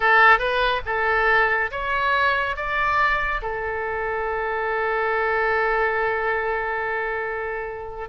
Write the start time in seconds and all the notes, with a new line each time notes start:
0.00 A4
0.38 B4
0.85 A4
1.71 C#5
2.56 D5
3.42 A4